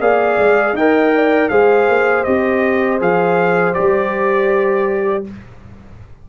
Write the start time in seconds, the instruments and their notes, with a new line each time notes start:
0.00 tuba A#3, trombone G#4, horn D5, trumpet F5
0.39 tuba G#3
0.74 tuba D#4, trombone A#4, horn D#5, trumpet G5
1.15 horn D5
1.50 tuba G#3, trombone G#4, horn C5, trumpet F5
1.89 tuba A#3
2.24 tuba C4, trombone G4, trumpet D#5
3.00 tuba F3, trombone G#4, trumpet F5
3.74 tuba G3, trombone G4, trumpet D5